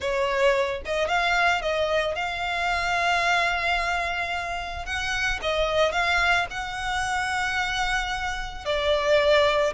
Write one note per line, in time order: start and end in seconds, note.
0.00 0.82 C#5
0.85 1.08 D#5
1.08 1.61 F5
1.61 2.15 D#5
2.15 4.85 F5
4.85 5.39 F#5
5.42 5.92 D#5
5.92 6.46 F5
6.50 8.65 F#5
8.65 9.73 D5